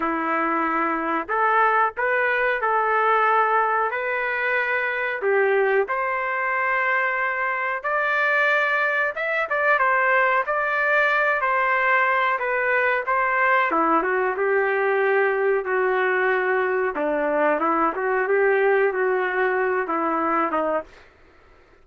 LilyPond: \new Staff \with { instrumentName = "trumpet" } { \time 4/4 \tempo 4 = 92 e'2 a'4 b'4 | a'2 b'2 | g'4 c''2. | d''2 e''8 d''8 c''4 |
d''4. c''4. b'4 | c''4 e'8 fis'8 g'2 | fis'2 d'4 e'8 fis'8 | g'4 fis'4. e'4 dis'8 | }